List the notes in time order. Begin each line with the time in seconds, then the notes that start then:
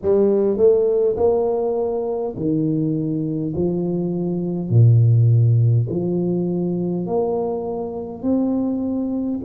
0.02 G3
0.57 A3
1.16 A#3
2.35 D#3
3.55 F3
4.70 A#2
5.89 F3
7.06 A#3
8.22 C4